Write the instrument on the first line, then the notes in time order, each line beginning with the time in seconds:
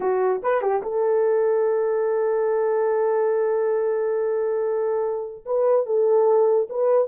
horn
0.00 F#4
0.42 B4
0.61 G4
0.82 A4
5.45 B4
5.85 A4
6.69 B4